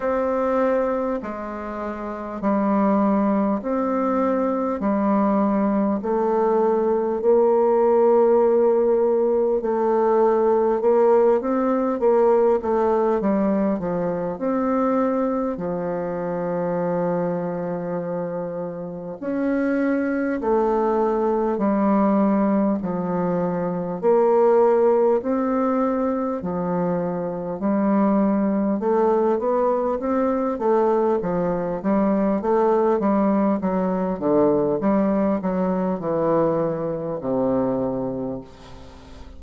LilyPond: \new Staff \with { instrumentName = "bassoon" } { \time 4/4 \tempo 4 = 50 c'4 gis4 g4 c'4 | g4 a4 ais2 | a4 ais8 c'8 ais8 a8 g8 f8 | c'4 f2. |
cis'4 a4 g4 f4 | ais4 c'4 f4 g4 | a8 b8 c'8 a8 f8 g8 a8 g8 | fis8 d8 g8 fis8 e4 c4 | }